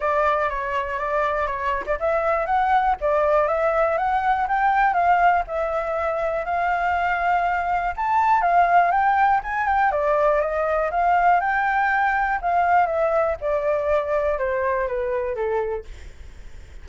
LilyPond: \new Staff \with { instrumentName = "flute" } { \time 4/4 \tempo 4 = 121 d''4 cis''4 d''4 cis''8. d''16 | e''4 fis''4 d''4 e''4 | fis''4 g''4 f''4 e''4~ | e''4 f''2. |
a''4 f''4 g''4 gis''8 g''8 | d''4 dis''4 f''4 g''4~ | g''4 f''4 e''4 d''4~ | d''4 c''4 b'4 a'4 | }